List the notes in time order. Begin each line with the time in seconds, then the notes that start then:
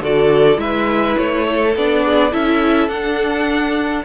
0.00 D3 F#4 A4 D5
0.56 G#3 E4 B4 E5
1.17 A3 C#5
1.47 A4
1.75 B3 D4 D5
2.05 G#4
2.31 C#4 E4 A4 E5
2.88 D4 F#5